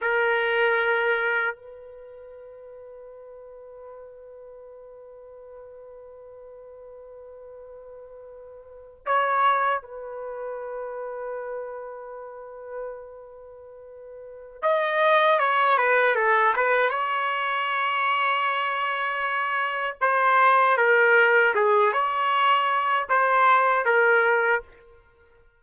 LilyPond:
\new Staff \with { instrumentName = "trumpet" } { \time 4/4 \tempo 4 = 78 ais'2 b'2~ | b'1~ | b'2.~ b'8. cis''16~ | cis''8. b'2.~ b'16~ |
b'2. dis''4 | cis''8 b'8 a'8 b'8 cis''2~ | cis''2 c''4 ais'4 | gis'8 cis''4. c''4 ais'4 | }